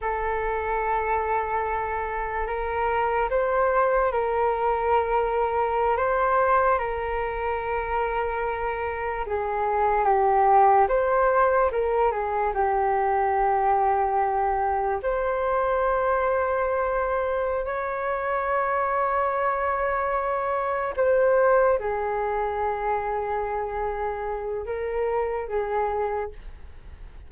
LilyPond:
\new Staff \with { instrumentName = "flute" } { \time 4/4 \tempo 4 = 73 a'2. ais'4 | c''4 ais'2~ ais'16 c''8.~ | c''16 ais'2. gis'8.~ | gis'16 g'4 c''4 ais'8 gis'8 g'8.~ |
g'2~ g'16 c''4.~ c''16~ | c''4. cis''2~ cis''8~ | cis''4. c''4 gis'4.~ | gis'2 ais'4 gis'4 | }